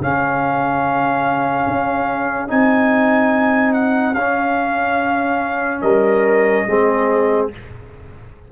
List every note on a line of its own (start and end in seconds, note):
0.00 1.67 C#3
0.00 2.48 C#4
0.00 5.82 G#4
0.00 2.50 F5
1.67 2.50 C#4
2.48 4.15 C4
2.48 4.15 D#4
2.48 3.73 G#5
3.73 4.14 F#5
4.14 5.81 C#4
4.14 6.68 C#4
4.14 5.81 F5
5.81 6.65 G3
5.81 6.65 A#4
5.81 7.48 D#5
6.67 7.50 G#3
6.67 7.51 C4
6.67 7.52 G#4